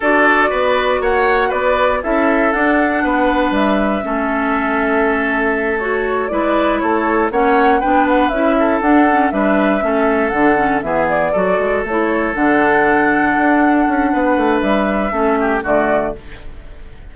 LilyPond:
<<
  \new Staff \with { instrumentName = "flute" } { \time 4/4 \tempo 4 = 119 d''2 fis''4 d''4 | e''4 fis''2 e''4~ | e''2.~ e''8 cis''8~ | cis''8 d''4 cis''4 fis''4 g''8 |
fis''8 e''4 fis''4 e''4.~ | e''8 fis''4 e''8 d''4. cis''8~ | cis''8 fis''2.~ fis''8~ | fis''4 e''2 d''4 | }
  \new Staff \with { instrumentName = "oboe" } { \time 4/4 a'4 b'4 cis''4 b'4 | a'2 b'2 | a'1~ | a'8 b'4 a'4 cis''4 b'8~ |
b'4 a'4. b'4 a'8~ | a'4. gis'4 a'4.~ | a'1 | b'2 a'8 g'8 fis'4 | }
  \new Staff \with { instrumentName = "clarinet" } { \time 4/4 fis'1 | e'4 d'2. | cis'2.~ cis'8 fis'8~ | fis'8 e'2 cis'4 d'8~ |
d'8 e'4 d'8 cis'8 d'4 cis'8~ | cis'8 d'8 cis'8 b4 fis'4 e'8~ | e'8 d'2.~ d'8~ | d'2 cis'4 a4 | }
  \new Staff \with { instrumentName = "bassoon" } { \time 4/4 d'4 b4 ais4 b4 | cis'4 d'4 b4 g4 | a1~ | a8 gis4 a4 ais4 b8~ |
b8 cis'4 d'4 g4 a8~ | a8 d4 e4 fis8 gis8 a8~ | a8 d2 d'4 cis'8 | b8 a8 g4 a4 d4 | }
>>